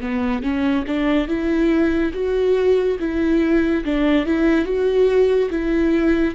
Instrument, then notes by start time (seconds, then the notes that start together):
viola
0.00 B3
0.42 C#4
0.86 D4
1.27 E4
2.13 F#4
2.99 E4
3.84 D4
4.26 E4
4.64 F#4
5.50 E4